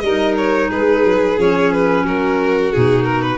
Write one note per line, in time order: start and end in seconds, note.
0.00 0.69 G3
0.00 1.37 D#4
0.00 0.69 A#4
0.00 0.34 D#5
0.37 0.70 C#5
0.69 1.04 G#3
0.69 2.04 G#4
0.69 1.39 B4
1.04 1.37 F#3
1.37 2.06 F3
1.37 2.72 C#4
1.37 1.72 C#5
1.72 2.06 B4
2.04 2.73 F#3
2.04 3.38 F#4
2.04 2.72 A#4
2.72 3.38 B2
2.72 3.38 D#4
2.72 3.04 G#4
3.04 3.21 A#4
3.21 3.38 B4